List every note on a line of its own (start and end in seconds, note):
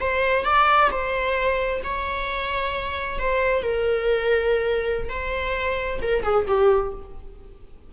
0.00 0.44 C5
0.44 0.89 D5
0.90 1.81 C5
1.83 3.19 C#5
3.19 3.62 C5
3.62 5.09 A#4
5.09 6.00 C5
6.01 6.23 A#4
6.23 6.45 G#4
6.47 6.93 G4